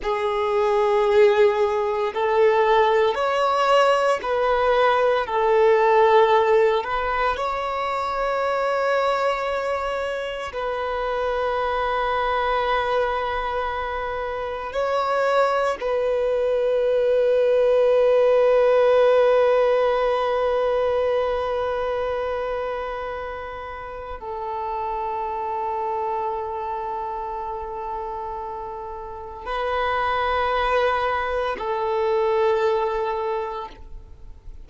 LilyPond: \new Staff \with { instrumentName = "violin" } { \time 4/4 \tempo 4 = 57 gis'2 a'4 cis''4 | b'4 a'4. b'8 cis''4~ | cis''2 b'2~ | b'2 cis''4 b'4~ |
b'1~ | b'2. a'4~ | a'1 | b'2 a'2 | }